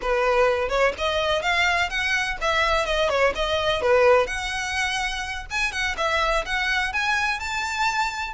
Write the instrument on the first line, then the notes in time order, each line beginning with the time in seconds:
violin
0.01 B4
0.69 C#5
0.98 D#5
1.42 F5
1.89 F#5
2.41 E5
2.85 D#5
3.09 C#5
3.35 D#5
3.81 B4
4.26 F#5
5.50 G#5
5.71 F#5
5.97 E5
6.45 F#5
6.92 G#5
7.39 A5